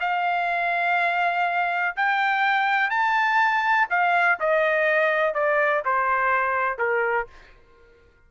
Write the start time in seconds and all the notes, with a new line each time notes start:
0.00 F5
1.96 G5
2.90 A5
3.90 F5
4.39 D#5
5.34 D5
5.85 C5
6.78 A#4